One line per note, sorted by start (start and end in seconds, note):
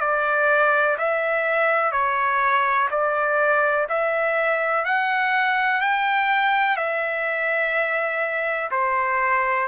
0.00 0.97 D5
0.98 1.92 E5
1.92 2.89 C#5
2.90 3.87 D5
3.89 4.85 E5
4.85 5.81 F#5
5.81 6.77 G5
6.77 8.70 E5
8.71 9.68 C5